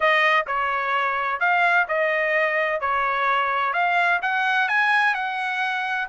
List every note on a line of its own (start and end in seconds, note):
0.00 0.46 D#5
0.46 1.40 C#5
1.40 1.86 F5
1.87 2.80 D#5
2.80 3.73 C#5
3.73 4.20 F5
4.21 4.68 F#5
4.68 5.14 G#5
5.14 6.08 F#5